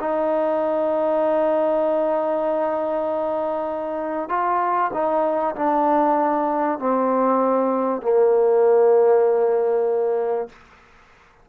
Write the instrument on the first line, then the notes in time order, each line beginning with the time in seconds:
trombone
0.00 D#4
4.29 F4
4.93 D#4
5.55 D4
6.79 C4
8.02 A#3